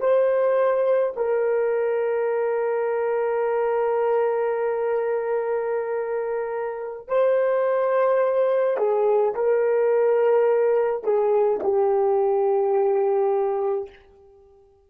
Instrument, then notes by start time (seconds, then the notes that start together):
horn
0.00 C5
1.16 A#4
7.08 C5
8.77 G#4
9.34 A#4
11.03 G#4
11.62 G4